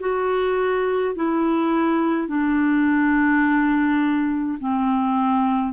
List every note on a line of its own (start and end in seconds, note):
0.00 1.15 F#4
1.16 2.28 E4
2.28 4.59 D4
4.60 5.73 C4